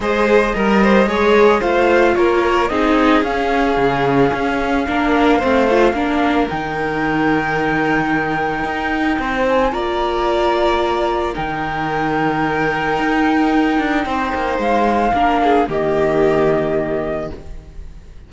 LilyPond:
<<
  \new Staff \with { instrumentName = "flute" } { \time 4/4 \tempo 4 = 111 dis''2. f''4 | cis''4 dis''4 f''2~ | f''1 | g''1~ |
g''4. gis''8 ais''2~ | ais''4 g''2.~ | g''2. f''4~ | f''4 dis''2. | }
  \new Staff \with { instrumentName = "violin" } { \time 4/4 c''4 ais'8 c''8 cis''4 c''4 | ais'4 gis'2.~ | gis'4 ais'4 c''4 ais'4~ | ais'1~ |
ais'4 c''4 d''2~ | d''4 ais'2.~ | ais'2 c''2 | ais'8 gis'8 g'2. | }
  \new Staff \with { instrumentName = "viola" } { \time 4/4 gis'4 ais'4 gis'4 f'4~ | f'4 dis'4 cis'2~ | cis'4 d'4 c'8 f'8 d'4 | dis'1~ |
dis'2 f'2~ | f'4 dis'2.~ | dis'1 | d'4 ais2. | }
  \new Staff \with { instrumentName = "cello" } { \time 4/4 gis4 g4 gis4 a4 | ais4 c'4 cis'4 cis4 | cis'4 ais4 a4 ais4 | dis1 |
dis'4 c'4 ais2~ | ais4 dis2. | dis'4. d'8 c'8 ais8 gis4 | ais4 dis2. | }
>>